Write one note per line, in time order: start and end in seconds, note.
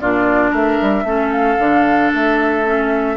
0.00 0.51 A#2
0.00 1.05 D4
0.00 0.50 F4
0.00 0.53 D5
0.50 0.78 A3
0.50 1.03 A#4
0.50 1.32 E5
0.81 1.03 G3
1.03 1.57 A3
1.03 1.58 C#4
1.03 3.16 A4
1.32 2.11 F5
1.59 2.12 D3
1.59 2.65 D4
2.13 3.16 A3
2.13 3.16 E5
2.65 3.16 C#4